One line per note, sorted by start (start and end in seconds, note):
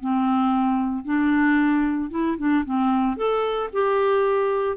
0.00 1.04 C4
1.04 2.10 D4
2.10 2.37 E4
2.38 2.64 D4
2.65 3.16 C4
3.16 3.70 A4
3.73 4.77 G4